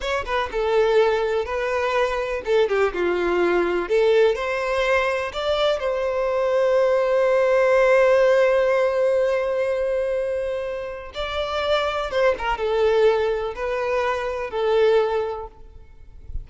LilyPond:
\new Staff \with { instrumentName = "violin" } { \time 4/4 \tempo 4 = 124 cis''8 b'8 a'2 b'4~ | b'4 a'8 g'8 f'2 | a'4 c''2 d''4 | c''1~ |
c''1~ | c''2. d''4~ | d''4 c''8 ais'8 a'2 | b'2 a'2 | }